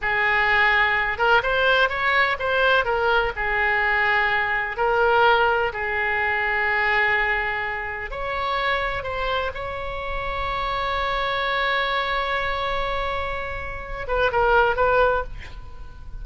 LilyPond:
\new Staff \with { instrumentName = "oboe" } { \time 4/4 \tempo 4 = 126 gis'2~ gis'8 ais'8 c''4 | cis''4 c''4 ais'4 gis'4~ | gis'2 ais'2 | gis'1~ |
gis'4 cis''2 c''4 | cis''1~ | cis''1~ | cis''4. b'8 ais'4 b'4 | }